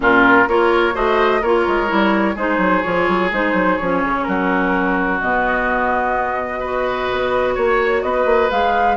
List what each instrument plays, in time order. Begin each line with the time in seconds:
0.00 bassoon A#2, clarinet C#4, oboe F4, flute A#4
0.47 bassoon A#3, clarinet F4, oboe A#4, flute C#5
0.93 bassoon A3, clarinet F#4, oboe C5, flute D#5
1.41 bassoon A#3, clarinet F4, oboe A#4, flute C#5
1.67 bassoon G#3
1.87 bassoon G3, clarinet E4
2.35 bassoon G#3, clarinet D#4, oboe G#4, flute C5
2.58 bassoon F#3
2.82 bassoon F3, clarinet F4, flute C#5
3.08 bassoon F#3
3.31 bassoon G#3, clarinet D#4, flute C5
3.53 bassoon F#3
3.77 bassoon F3, clarinet C#4, flute C#5
4.04 bassoon C#3
4.23 bassoon F#3, oboe F#4, flute A#4
5.20 bassoon B2, clarinet B3, flute D#5
6.59 clarinet F#4, oboe B4
7.11 bassoon B3
7.55 bassoon A#3, oboe C#5, flute C#5
8.02 bassoon B3, oboe B4, flute D#5
8.25 bassoon A#3
8.50 bassoon G#3, clarinet G#4, flute F5